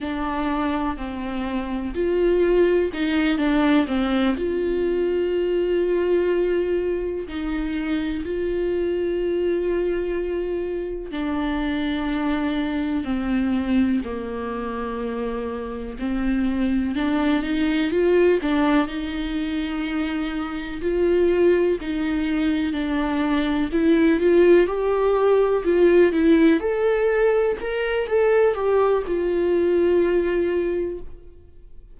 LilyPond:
\new Staff \with { instrumentName = "viola" } { \time 4/4 \tempo 4 = 62 d'4 c'4 f'4 dis'8 d'8 | c'8 f'2. dis'8~ | dis'8 f'2. d'8~ | d'4. c'4 ais4.~ |
ais8 c'4 d'8 dis'8 f'8 d'8 dis'8~ | dis'4. f'4 dis'4 d'8~ | d'8 e'8 f'8 g'4 f'8 e'8 a'8~ | a'8 ais'8 a'8 g'8 f'2 | }